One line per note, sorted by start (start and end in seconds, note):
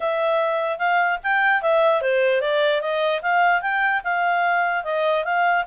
0.00 0.78 E5
0.78 1.18 F5
1.23 1.62 G5
1.62 2.01 E5
2.01 2.41 C5
2.41 2.81 D5
2.81 3.21 D#5
3.22 3.61 F5
3.61 4.01 G5
4.04 4.84 F5
4.84 5.24 D#5
5.24 5.64 F5